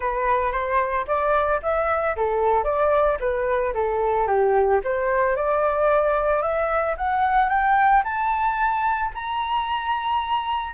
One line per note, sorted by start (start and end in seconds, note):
0.00 0.52 B4
0.52 1.05 C5
1.07 1.60 D5
1.62 2.16 E5
2.16 2.64 A4
2.64 3.17 D5
3.19 3.73 B4
3.74 4.27 A4
4.27 4.80 G4
4.84 5.36 C5
5.36 6.41 D5
6.41 6.95 E5
6.97 7.49 F#5
7.49 8.02 G5
8.04 9.11 A5
9.14 10.73 A#5